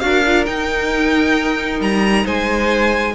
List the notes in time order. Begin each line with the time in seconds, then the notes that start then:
0.00 D4 F#4 A#4 F5
0.26 F4
0.46 D#4 G5
1.81 G3 A#5
2.24 G#3 C5 G#5